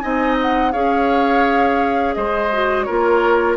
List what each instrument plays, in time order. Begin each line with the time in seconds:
0.00 bassoon C4, clarinet D#4, oboe D#5, flute G#5
0.42 flute F#5
0.72 bassoon C#4, clarinet G#4, oboe C#5, flute F5
2.14 bassoon G#3, oboe C5, flute D#5
2.52 clarinet F#4
2.84 bassoon A#3, clarinet F4, oboe A#4, flute C#5